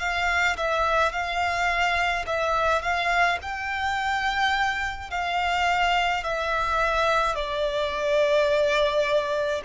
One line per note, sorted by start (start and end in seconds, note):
0.00 0.57 F5
0.57 1.12 E5
1.12 2.25 F5
2.26 2.82 E5
2.82 3.39 F5
3.42 5.10 G5
5.10 6.24 F5
6.24 7.35 E5
7.35 9.62 D5